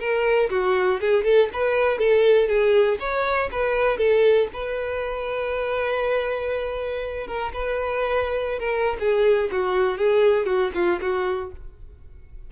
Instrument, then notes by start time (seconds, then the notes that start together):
violin
0.00 A#4
0.50 F#4
1.01 G#4
1.24 A4
1.53 B4
1.99 A4
2.48 G#4
3.00 C#5
3.52 B4
3.98 A4
4.53 B4
7.27 A#4
7.53 B4
8.60 A#4
9.00 G#4
9.52 F#4
9.98 G#4
10.46 F#4
10.75 F4
11.02 F#4